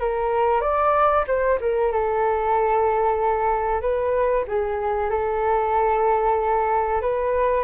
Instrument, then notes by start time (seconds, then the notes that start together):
flute
0.00 A#4
0.61 D5
1.27 C5
1.61 A#4
1.92 A4
3.81 B4
4.48 G#4
5.10 A4
7.02 B4